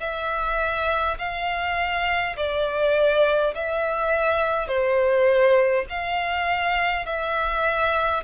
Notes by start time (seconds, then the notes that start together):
0.00 E5
1.18 F5
2.36 D5
3.55 E5
4.67 C5
5.89 F5
7.06 E5